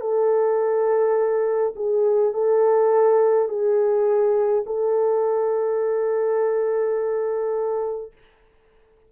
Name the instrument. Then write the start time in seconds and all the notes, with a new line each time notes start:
horn
0.00 A4
1.75 G#4
2.33 A4
3.48 G#4
4.66 A4